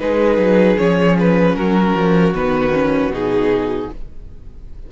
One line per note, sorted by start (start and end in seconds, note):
0.00 0.38 G#3
0.00 0.78 D#4
0.00 1.56 G#4
0.00 0.78 B4
0.38 0.77 F#3
0.78 1.55 F3
0.78 2.34 C#4
0.78 1.17 C#5
1.20 1.56 B4
1.55 1.94 F#3
1.55 3.90 F#4
1.55 2.34 A#4
1.95 2.34 F3
2.34 3.08 D#3
2.34 2.73 B3
2.34 3.12 B4
2.73 3.12 C#4
3.08 3.86 B2
3.08 3.91 D#4
3.14 3.92 G#4